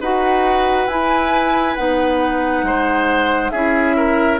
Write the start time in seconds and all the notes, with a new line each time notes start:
0.00 D#4 F#4 B4 F#5
0.86 E4 G#5
1.75 B3 D#4 F#5
2.62 G#3 C5
3.50 C#4 E4 G#4 E5
3.96 A#4